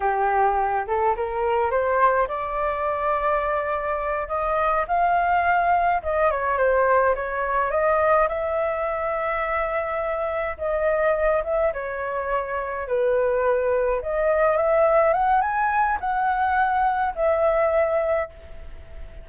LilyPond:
\new Staff \with { instrumentName = "flute" } { \time 4/4 \tempo 4 = 105 g'4. a'8 ais'4 c''4 | d''2.~ d''8 dis''8~ | dis''8 f''2 dis''8 cis''8 c''8~ | c''8 cis''4 dis''4 e''4.~ |
e''2~ e''8 dis''4. | e''8 cis''2 b'4.~ | b'8 dis''4 e''4 fis''8 gis''4 | fis''2 e''2 | }